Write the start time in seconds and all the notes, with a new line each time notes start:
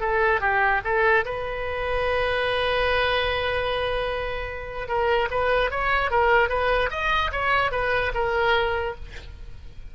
0.00 A4
0.40 G4
0.84 A4
1.25 B4
4.88 A#4
5.30 B4
5.70 C#5
6.10 A#4
6.49 B4
6.90 D#5
7.32 C#5
7.71 B4
8.14 A#4